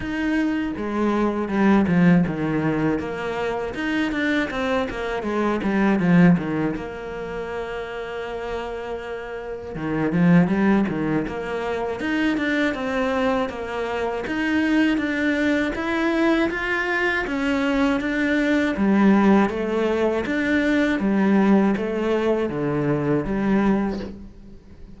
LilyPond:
\new Staff \with { instrumentName = "cello" } { \time 4/4 \tempo 4 = 80 dis'4 gis4 g8 f8 dis4 | ais4 dis'8 d'8 c'8 ais8 gis8 g8 | f8 dis8 ais2.~ | ais4 dis8 f8 g8 dis8 ais4 |
dis'8 d'8 c'4 ais4 dis'4 | d'4 e'4 f'4 cis'4 | d'4 g4 a4 d'4 | g4 a4 d4 g4 | }